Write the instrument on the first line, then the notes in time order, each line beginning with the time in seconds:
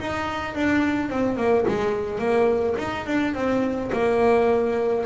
double bass
0.00 D#4
0.55 D4
1.10 C4
1.37 A#3
1.68 G#3
2.19 A#3
2.78 D#4
3.06 D4
3.34 C4
3.93 A#3